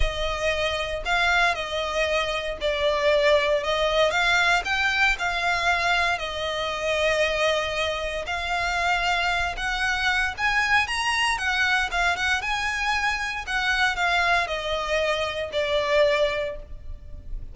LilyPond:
\new Staff \with { instrumentName = "violin" } { \time 4/4 \tempo 4 = 116 dis''2 f''4 dis''4~ | dis''4 d''2 dis''4 | f''4 g''4 f''2 | dis''1 |
f''2~ f''8 fis''4. | gis''4 ais''4 fis''4 f''8 fis''8 | gis''2 fis''4 f''4 | dis''2 d''2 | }